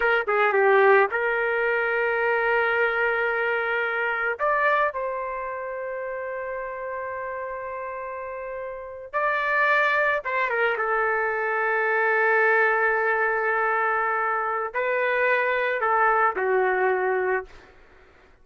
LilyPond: \new Staff \with { instrumentName = "trumpet" } { \time 4/4 \tempo 4 = 110 ais'8 gis'8 g'4 ais'2~ | ais'1 | d''4 c''2.~ | c''1~ |
c''8. d''2 c''8 ais'8 a'16~ | a'1~ | a'2. b'4~ | b'4 a'4 fis'2 | }